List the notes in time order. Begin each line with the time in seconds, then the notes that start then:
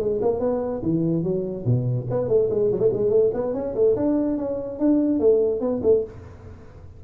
0.00 G#3
0.22 A#3
0.40 B3
0.83 E3
1.23 F#3
1.66 B2
2.10 B3
2.29 A3
2.50 G#3
2.72 F#3
2.80 A3
2.93 G#3
3.10 A3
3.34 B3
3.54 C#4
3.75 A3
3.96 D4
4.38 C#4
4.80 D4
5.20 A3
5.61 B3
5.83 A3